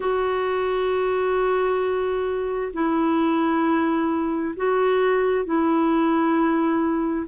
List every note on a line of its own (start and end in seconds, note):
0.00 2.72 F#4
2.73 4.55 E4
4.56 5.45 F#4
5.45 7.26 E4